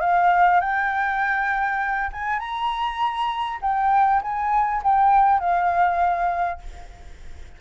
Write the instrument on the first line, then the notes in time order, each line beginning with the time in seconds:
flute
0.00 F5
0.60 G5
2.12 G#5
2.39 A#5
3.61 G5
4.22 G#5
4.83 G5
5.39 F5